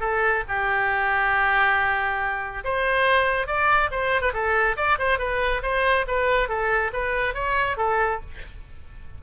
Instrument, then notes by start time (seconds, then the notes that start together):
oboe
0.00 A4
0.48 G4
2.64 C5
3.47 D5
3.91 C5
4.21 B4
4.33 A4
4.76 D5
4.98 C5
5.18 B4
5.62 C5
6.07 B4
6.48 A4
6.93 B4
7.34 C#5
7.77 A4